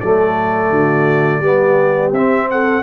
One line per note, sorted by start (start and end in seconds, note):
0.00 0.70 F#3
0.00 1.43 A3
0.00 0.70 A4
0.00 2.12 D5
0.70 1.40 D3
0.70 1.41 F#4
1.40 2.10 G3
1.40 2.14 B3
1.40 2.47 G4
2.11 2.82 C4
2.11 2.83 C4
2.11 2.49 E5
2.50 2.83 A4
2.50 2.83 F#5